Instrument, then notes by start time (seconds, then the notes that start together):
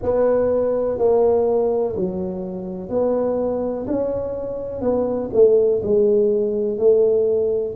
tuba
0.02 B3
0.98 A#3
1.96 F#3
2.89 B3
3.87 C#4
4.81 B3
5.33 A3
5.82 G#3
6.77 A3